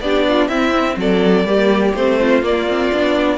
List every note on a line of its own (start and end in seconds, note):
0.00 0.48 B3
0.00 0.51 D4
0.00 0.28 G4
0.00 0.48 D5
0.28 0.49 F4
0.48 0.96 C4
0.48 1.45 C4
0.48 0.97 E4
0.48 0.96 E5
0.96 1.44 F#3
0.96 1.48 A4
0.96 1.95 D5
1.44 1.93 G3
1.44 1.94 A#3
1.44 2.19 G4
1.94 2.42 A3
1.94 2.42 C4
1.94 2.43 C5
2.19 3.38 F4
2.42 2.90 A#3
2.42 2.66 A#3
2.42 3.38 D5
2.67 2.92 C4
2.92 3.38 B3
2.92 3.38 D4